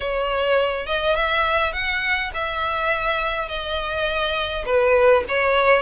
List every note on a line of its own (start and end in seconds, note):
0.00 0.86 C#5
0.86 1.15 D#5
1.15 1.72 E5
1.72 2.31 F#5
2.34 3.48 E5
3.48 4.64 D#5
4.65 5.23 B4
5.28 5.81 C#5